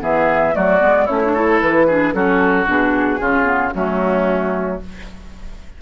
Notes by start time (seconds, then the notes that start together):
0.00 E3 B3 G#4 E5
0.53 F#3 A3 F#4 D5
0.80 G#3 B3
1.05 A3 C#4 E4 C#5
1.24 D4
1.34 E4 A4
1.61 E3 B4
1.87 D4 G#4
2.13 F#3 C#4 F#4 A4
2.66 B2 D4 G#4
3.20 C#3 C#4 F4
3.44 B3
3.73 F#3 A3 C#4 F#4